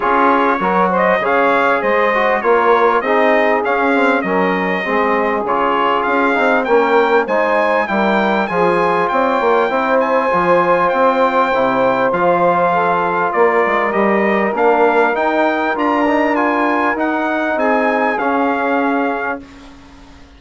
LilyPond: <<
  \new Staff \with { instrumentName = "trumpet" } { \time 4/4 \tempo 4 = 99 cis''4. dis''8 f''4 dis''4 | cis''4 dis''4 f''4 dis''4~ | dis''4 cis''4 f''4 g''4 | gis''4 g''4 gis''4 g''4~ |
g''8 gis''4. g''2 | f''2 d''4 dis''4 | f''4 g''4 ais''4 gis''4 | fis''4 gis''4 f''2 | }
  \new Staff \with { instrumentName = "saxophone" } { \time 4/4 gis'4 ais'8 c''8 cis''4 c''4 | ais'4 gis'2 ais'4 | gis'2. ais'4 | c''4 ais'4 gis'4 cis''4 |
c''1~ | c''4 a'4 ais'2~ | ais'1~ | ais'4 gis'2. | }
  \new Staff \with { instrumentName = "trombone" } { \time 4/4 f'4 fis'4 gis'4. fis'8 | f'4 dis'4 cis'8 c'8 cis'4 | c'4 f'4. dis'8 cis'4 | dis'4 e'4 f'2 |
e'4 f'2 e'4 | f'2. g'4 | d'4 dis'4 f'8 dis'8 f'4 | dis'2 cis'2 | }
  \new Staff \with { instrumentName = "bassoon" } { \time 4/4 cis'4 fis4 cis4 gis4 | ais4 c'4 cis'4 fis4 | gis4 cis4 cis'8 c'8 ais4 | gis4 g4 f4 c'8 ais8 |
c'4 f4 c'4 c4 | f2 ais8 gis8 g4 | ais4 dis'4 d'2 | dis'4 c'4 cis'2 | }
>>